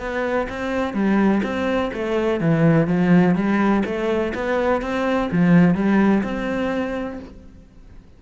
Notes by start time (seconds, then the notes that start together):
0.00 B3
0.49 C4
0.94 G3
1.43 C4
1.94 A3
2.41 E3
2.87 F3
3.35 G3
3.85 A3
4.34 B3
4.82 C4
5.32 F3
5.75 G3
6.24 C4